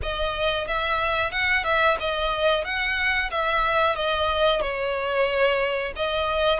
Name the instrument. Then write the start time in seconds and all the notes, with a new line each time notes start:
violin
0.02 D#5
0.67 E5
1.31 F#5
1.64 E5
2.00 D#5
2.64 F#5
3.30 E5
3.95 D#5
4.61 C#5
5.96 D#5